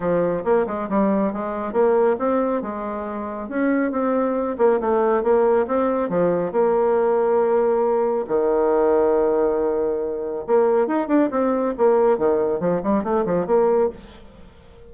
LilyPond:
\new Staff \with { instrumentName = "bassoon" } { \time 4/4 \tempo 4 = 138 f4 ais8 gis8 g4 gis4 | ais4 c'4 gis2 | cis'4 c'4. ais8 a4 | ais4 c'4 f4 ais4~ |
ais2. dis4~ | dis1 | ais4 dis'8 d'8 c'4 ais4 | dis4 f8 g8 a8 f8 ais4 | }